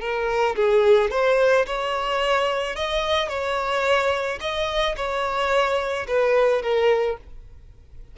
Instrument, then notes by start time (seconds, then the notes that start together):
violin
0.00 A#4
0.56 G#4
1.10 C5
1.66 C#5
2.75 D#5
3.29 C#5
4.40 D#5
4.96 C#5
6.07 B4
6.62 A#4